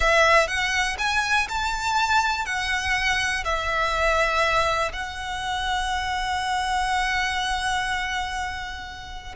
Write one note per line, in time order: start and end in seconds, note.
0.00 0.47 E5
0.47 0.97 F#5
0.98 1.47 G#5
1.48 2.45 A5
2.45 3.44 F#5
3.44 4.92 E5
4.92 9.35 F#5